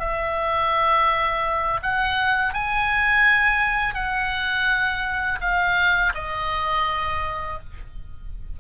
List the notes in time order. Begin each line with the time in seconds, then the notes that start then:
0.00 E5
1.83 F#5
2.54 G#5
3.95 F#5
5.41 F5
6.15 D#5